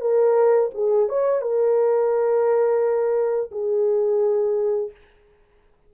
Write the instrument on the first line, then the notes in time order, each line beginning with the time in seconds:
horn
0.00 A#4
0.74 G#4
1.08 C#5
1.41 A#4
3.51 G#4